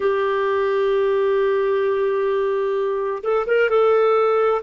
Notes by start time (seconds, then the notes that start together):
0.00 G4
3.23 A4
3.46 A#4
3.69 A4